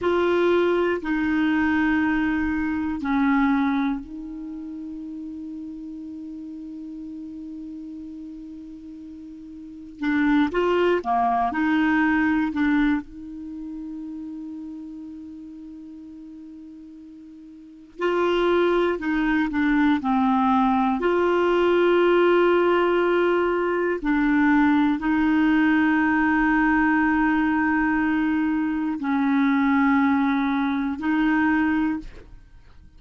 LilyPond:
\new Staff \with { instrumentName = "clarinet" } { \time 4/4 \tempo 4 = 60 f'4 dis'2 cis'4 | dis'1~ | dis'2 d'8 f'8 ais8 dis'8~ | dis'8 d'8 dis'2.~ |
dis'2 f'4 dis'8 d'8 | c'4 f'2. | d'4 dis'2.~ | dis'4 cis'2 dis'4 | }